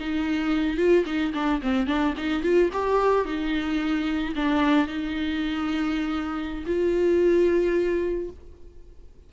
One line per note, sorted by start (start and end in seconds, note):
0.00 0.77 D#4
0.77 1.04 F4
1.05 1.33 D#4
1.34 1.61 D4
1.62 1.87 C4
1.87 2.14 D4
2.17 2.42 D#4
2.42 2.70 F4
2.73 3.25 G4
3.25 4.34 D#4
4.35 4.87 D4
4.87 6.64 D#4
6.66 8.30 F4